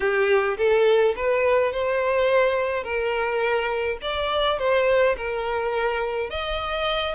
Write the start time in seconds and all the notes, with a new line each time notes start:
0.00 G4
0.57 A4
1.16 B4
1.72 C5
2.83 A#4
4.01 D5
4.58 C5
5.17 A#4
6.30 D#5